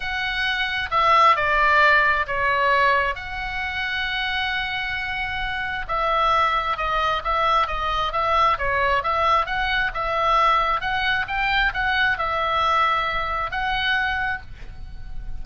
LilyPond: \new Staff \with { instrumentName = "oboe" } { \time 4/4 \tempo 4 = 133 fis''2 e''4 d''4~ | d''4 cis''2 fis''4~ | fis''1~ | fis''4 e''2 dis''4 |
e''4 dis''4 e''4 cis''4 | e''4 fis''4 e''2 | fis''4 g''4 fis''4 e''4~ | e''2 fis''2 | }